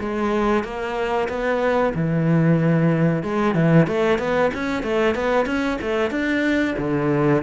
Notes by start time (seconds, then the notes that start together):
0.00 G#3
0.64 A#3
1.29 B3
1.95 E3
3.23 G#3
3.55 E3
3.87 A3
4.19 B3
4.54 C#4
4.83 A3
5.15 B3
5.46 C#4
5.82 A3
6.11 D4
6.79 D3